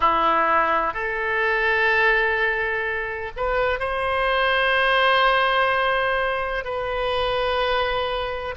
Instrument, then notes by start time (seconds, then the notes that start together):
oboe
0.00 E4
0.93 A4
3.36 B4
3.79 C5
6.64 B4